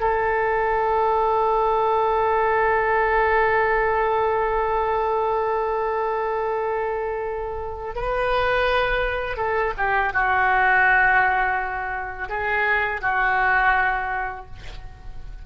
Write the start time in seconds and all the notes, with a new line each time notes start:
0.00 A4
7.95 B4
9.37 A4
9.77 G4
10.13 F#4
12.29 G#4
13.02 F#4